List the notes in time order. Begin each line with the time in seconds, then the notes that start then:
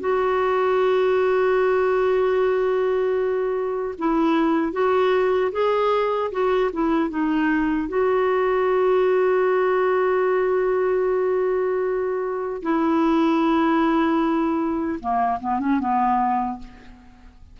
0.00 F#4
3.98 E4
4.72 F#4
5.52 G#4
6.31 F#4
6.73 E4
7.09 D#4
7.88 F#4
12.62 E4
15.00 A#3
15.40 B3
15.60 C#4
15.80 B3